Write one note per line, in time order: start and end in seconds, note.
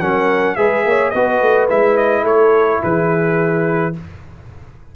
0.00 0.58 F#3
0.00 0.57 C#4
0.00 0.57 A#4
0.00 0.55 F#5
0.55 0.85 G#3
0.55 1.13 G#4
0.55 0.85 B4
0.55 1.10 E5
0.85 1.13 A#3
0.85 1.12 C#5
1.10 1.41 B3
1.10 1.69 F#4
1.10 2.24 B4
1.10 1.66 D#5
1.41 1.69 A3
1.69 2.23 G#3
1.69 3.93 E4
1.69 1.97 E5
1.97 2.25 D#5
2.23 2.79 A3
2.23 2.81 A4
2.23 2.83 C#5
2.82 3.96 E3
2.82 3.94 G#4
2.82 3.95 B4